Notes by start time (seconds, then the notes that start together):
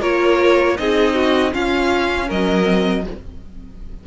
0.00 A#3 F4 A#4 C#5
0.78 C4 D#4 G#4 D#5
1.15 F#4
1.53 C#4 F4 F5
2.28 F#3 A#4 D#5
2.64 C4